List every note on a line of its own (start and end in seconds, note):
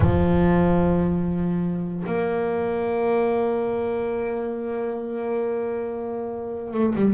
0.00 2.03 F3
2.06 6.73 A#3
6.73 6.94 A3
6.95 7.13 G3